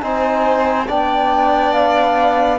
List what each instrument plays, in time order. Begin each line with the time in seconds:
0.00 cello C4, trombone D#4, violin C5, flute G#5
0.88 cello B3, trombone D4, violin D5, flute G5
1.73 flute F5